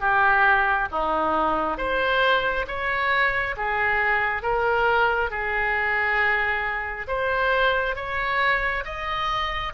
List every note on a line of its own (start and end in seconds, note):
0.00 0.88 G4
0.91 1.77 D#4
1.77 2.66 C5
2.67 3.55 C#5
3.57 4.42 G#4
4.42 5.30 A#4
5.30 7.07 G#4
7.07 7.96 C5
7.96 8.84 C#5
8.84 9.73 D#5